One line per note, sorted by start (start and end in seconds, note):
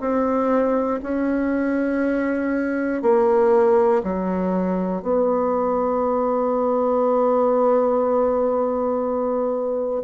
0.00 1.00 C4
1.03 3.02 C#4
3.02 4.02 A#3
4.03 5.02 F#3
5.02 10.02 B3